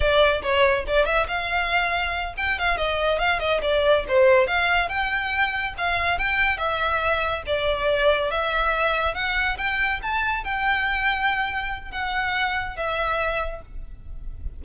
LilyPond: \new Staff \with { instrumentName = "violin" } { \time 4/4 \tempo 4 = 141 d''4 cis''4 d''8 e''8 f''4~ | f''4. g''8 f''8 dis''4 f''8 | dis''8 d''4 c''4 f''4 g''8~ | g''4. f''4 g''4 e''8~ |
e''4. d''2 e''8~ | e''4. fis''4 g''4 a''8~ | a''8 g''2.~ g''8 | fis''2 e''2 | }